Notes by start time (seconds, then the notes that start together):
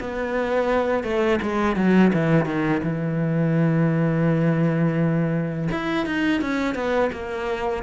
0.00 B3
1.04 A3
1.42 G#3
1.76 F#3
2.13 E3
2.46 D#3
2.83 E3
5.71 E4
6.06 D#4
6.42 C#4
6.75 B3
7.13 A#3